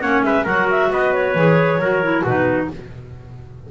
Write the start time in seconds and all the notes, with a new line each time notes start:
0.00 A#3 C#4 C#5 F#5
0.23 G#3 B4 E5
0.44 F#3 F#4 A#4 F#5
0.70 E5
0.90 B3 B4 D#5
1.13 C#5
1.35 E3 G#4
1.78 F#3 F#4 A#4
2.03 E4
2.23 B2 D#4 F#4 B4